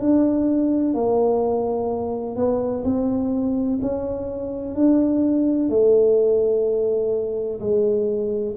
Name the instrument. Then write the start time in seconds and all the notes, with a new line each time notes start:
tuba
0.00 D4
0.94 A#3
2.35 B3
2.84 C4
3.82 C#4
4.75 D4
5.69 A3
7.60 G#3